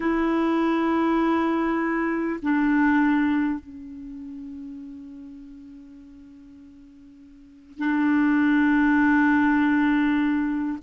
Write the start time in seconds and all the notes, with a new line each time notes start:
0.00 E4
2.42 D4
3.59 C#4
7.78 D4